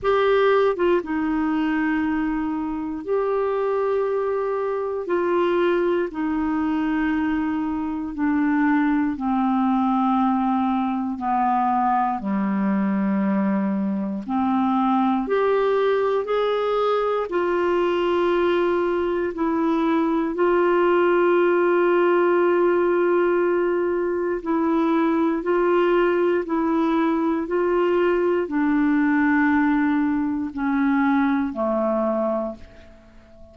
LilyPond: \new Staff \with { instrumentName = "clarinet" } { \time 4/4 \tempo 4 = 59 g'8. f'16 dis'2 g'4~ | g'4 f'4 dis'2 | d'4 c'2 b4 | g2 c'4 g'4 |
gis'4 f'2 e'4 | f'1 | e'4 f'4 e'4 f'4 | d'2 cis'4 a4 | }